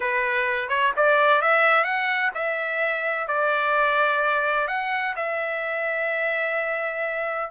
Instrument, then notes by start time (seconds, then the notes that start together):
trumpet
0.00 B4
0.68 C#5
0.96 D5
1.41 E5
1.84 F#5
2.34 E5
3.27 D5
4.67 F#5
5.16 E5